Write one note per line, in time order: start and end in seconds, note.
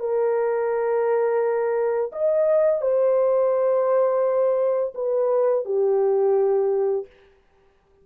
0.00 2.12 A#4
2.12 2.82 D#5
2.82 4.93 C5
4.95 5.65 B4
5.65 7.07 G4